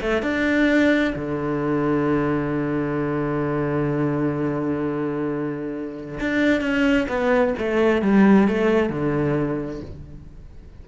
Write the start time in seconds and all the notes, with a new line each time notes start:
0.00 A3
0.22 D4
1.15 D3
6.20 D4
6.61 C#4
7.08 B3
7.58 A3
8.02 G3
8.48 A3
8.89 D3